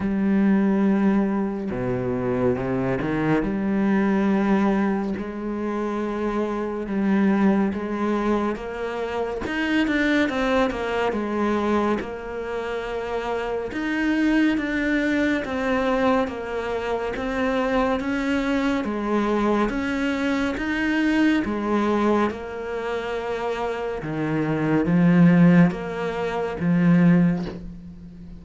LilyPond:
\new Staff \with { instrumentName = "cello" } { \time 4/4 \tempo 4 = 70 g2 b,4 c8 dis8 | g2 gis2 | g4 gis4 ais4 dis'8 d'8 | c'8 ais8 gis4 ais2 |
dis'4 d'4 c'4 ais4 | c'4 cis'4 gis4 cis'4 | dis'4 gis4 ais2 | dis4 f4 ais4 f4 | }